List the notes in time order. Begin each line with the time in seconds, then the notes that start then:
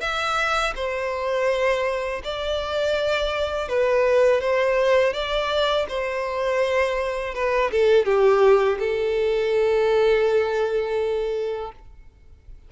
0.00 E5
0.75 C5
2.24 D5
3.68 B4
4.40 C5
5.13 D5
5.88 C5
7.34 B4
7.71 A4
8.05 G4
8.79 A4